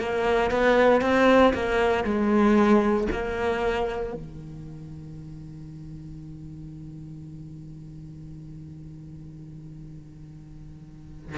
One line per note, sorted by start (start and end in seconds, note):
0.00 0.51 A#3
0.51 1.02 B3
1.02 1.53 C4
1.54 2.05 A#3
2.05 3.08 G#3
3.12 4.14 A#3
4.14 11.38 D#3